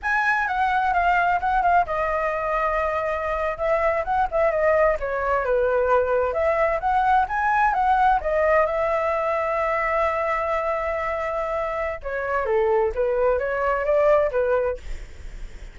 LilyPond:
\new Staff \with { instrumentName = "flute" } { \time 4/4 \tempo 4 = 130 gis''4 fis''4 f''4 fis''8 f''8 | dis''2.~ dis''8. e''16~ | e''8. fis''8 e''8 dis''4 cis''4 b'16~ | b'4.~ b'16 e''4 fis''4 gis''16~ |
gis''8. fis''4 dis''4 e''4~ e''16~ | e''1~ | e''2 cis''4 a'4 | b'4 cis''4 d''4 b'4 | }